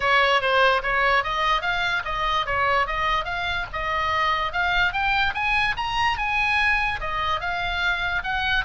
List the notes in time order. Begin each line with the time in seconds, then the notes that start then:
0.00 C#5
0.41 C5
0.82 C#5
1.23 D#5
1.61 F5
2.04 D#5
2.46 C#5
2.86 D#5
3.25 F5
3.72 D#5
4.52 F5
4.92 G5
5.34 G#5
5.76 A#5
6.17 G#5
7.00 D#5
7.40 F5
8.23 F#5